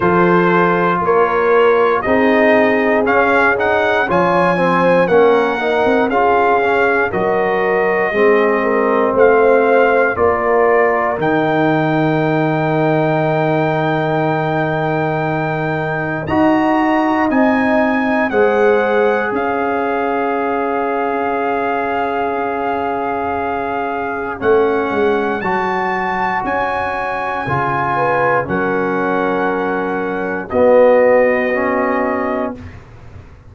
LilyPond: <<
  \new Staff \with { instrumentName = "trumpet" } { \time 4/4 \tempo 4 = 59 c''4 cis''4 dis''4 f''8 fis''8 | gis''4 fis''4 f''4 dis''4~ | dis''4 f''4 d''4 g''4~ | g''1 |
ais''4 gis''4 fis''4 f''4~ | f''1 | fis''4 a''4 gis''2 | fis''2 dis''2 | }
  \new Staff \with { instrumentName = "horn" } { \time 4/4 a'4 ais'4 gis'2 | cis''8 c''8 ais'4 gis'4 ais'4 | gis'8 ais'8 c''4 ais'2~ | ais'1 |
dis''2 c''4 cis''4~ | cis''1~ | cis''2.~ cis''8 b'8 | ais'2 fis'2 | }
  \new Staff \with { instrumentName = "trombone" } { \time 4/4 f'2 dis'4 cis'8 dis'8 | f'8 c'8 cis'8 dis'8 f'8 cis'8 fis'4 | c'2 f'4 dis'4~ | dis'1 |
fis'4 dis'4 gis'2~ | gis'1 | cis'4 fis'2 f'4 | cis'2 b4 cis'4 | }
  \new Staff \with { instrumentName = "tuba" } { \time 4/4 f4 ais4 c'4 cis'4 | f4 ais8. c'16 cis'4 fis4 | gis4 a4 ais4 dis4~ | dis1 |
dis'4 c'4 gis4 cis'4~ | cis'1 | a8 gis8 fis4 cis'4 cis4 | fis2 b2 | }
>>